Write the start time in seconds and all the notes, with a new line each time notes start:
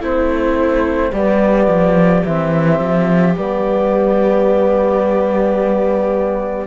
0.00 A3 C4 E4 C5
1.12 G3 B3 G4 D5
1.67 F3
2.24 E3 C4 E5
2.79 F3
3.34 G3 B3 D5